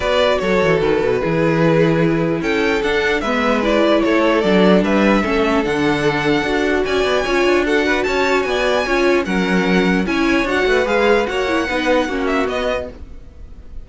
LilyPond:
<<
  \new Staff \with { instrumentName = "violin" } { \time 4/4 \tempo 4 = 149 d''4 cis''4 b'2~ | b'2 g''4 fis''4 | e''4 d''4 cis''4 d''4 | e''2 fis''2~ |
fis''4 gis''2 fis''4 | a''4 gis''2 fis''4~ | fis''4 gis''4 fis''4 f''4 | fis''2~ fis''8 e''8 dis''4 | }
  \new Staff \with { instrumentName = "violin" } { \time 4/4 b'4 a'2 gis'4~ | gis'2 a'2 | b'2 a'2 | b'4 a'2.~ |
a'4 d''4 cis''4 a'8 b'8 | cis''4 d''4 cis''4 ais'4~ | ais'4 cis''4. b'4. | cis''4 b'4 fis'2 | }
  \new Staff \with { instrumentName = "viola" } { \time 4/4 fis'2. e'4~ | e'2. d'4 | b4 e'2 d'4~ | d'4 cis'4 d'2 |
fis'2 f'4 fis'4~ | fis'2 f'4 cis'4~ | cis'4 e'4 fis'4 gis'4 | fis'8 e'8 dis'4 cis'4 b4 | }
  \new Staff \with { instrumentName = "cello" } { \time 4/4 b4 fis8 e8 dis8 b,8 e4~ | e2 cis'4 d'4 | gis2 a4 fis4 | g4 a4 d2 |
d'4 cis'8 b8 cis'8 d'4. | cis'4 b4 cis'4 fis4~ | fis4 cis'4 d'8 a8 gis4 | ais4 b4 ais4 b4 | }
>>